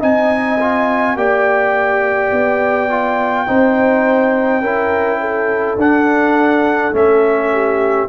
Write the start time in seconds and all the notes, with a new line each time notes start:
0.00 C4 D#4 D#5 G#5
0.60 F4
1.15 A#3 G4 D5 G5
2.31 B3
2.89 F4
3.47 C4 D#4 C5
4.60 C#4 E4 A#4
5.20 A4
5.75 D4 F#5
6.92 A3 C#4 E5
7.52 G4